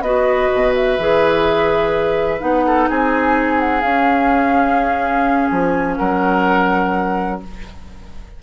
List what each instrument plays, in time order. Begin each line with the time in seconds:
0.00 bassoon B3, clarinet F#4, oboe B4, flute D#5
0.53 bassoon B2
0.75 flute E5
0.98 bassoon E3, clarinet G#4
2.38 bassoon B3, clarinet D#4, flute F#5
2.66 oboe A4
2.89 bassoon C4, oboe G#4, flute G#5
3.60 flute F#5
3.81 bassoon C#4, clarinet C#4, flute F5
5.48 bassoon F3, flute G#5
5.97 bassoon F#3, oboe A#4, flute F#5